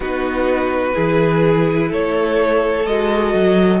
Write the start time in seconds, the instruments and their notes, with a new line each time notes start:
0.00 cello B3, viola D#4, violin F#4 B4
0.93 cello E3, viola E4, violin G#4
1.89 cello A3, violin A4 C#5
2.86 cello G#3, viola F#4, violin D#5
3.34 cello F#3